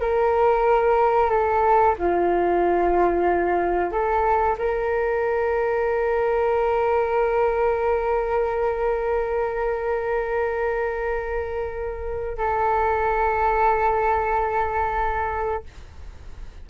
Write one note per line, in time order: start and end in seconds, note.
0.00 1.30 A#4
1.30 1.95 A4
1.98 3.91 F4
3.91 4.56 A4
4.58 12.37 A#4
12.37 15.63 A4